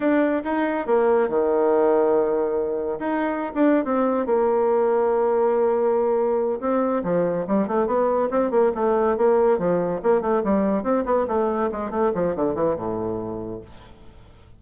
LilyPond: \new Staff \with { instrumentName = "bassoon" } { \time 4/4 \tempo 4 = 141 d'4 dis'4 ais4 dis4~ | dis2. dis'4~ | dis'16 d'8. c'4 ais2~ | ais2.~ ais8 c'8~ |
c'8 f4 g8 a8 b4 c'8 | ais8 a4 ais4 f4 ais8 | a8 g4 c'8 b8 a4 gis8 | a8 f8 d8 e8 a,2 | }